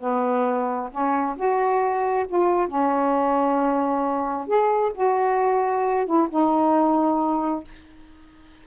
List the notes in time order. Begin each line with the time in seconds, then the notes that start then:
0.00 B3
0.91 C#4
1.36 F#4
2.28 F4
2.68 C#4
4.47 G#4
4.94 F#4
6.06 E4
6.30 D#4